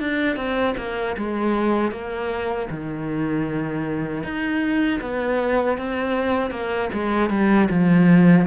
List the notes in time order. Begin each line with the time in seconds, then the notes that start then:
0.00 D4
0.36 C4
0.78 A#3
1.17 G#3
1.92 A#3
2.71 D#3
4.24 D#4
5.01 B3
5.78 C4
6.51 A#3
6.93 G#3
7.30 G3
7.70 F3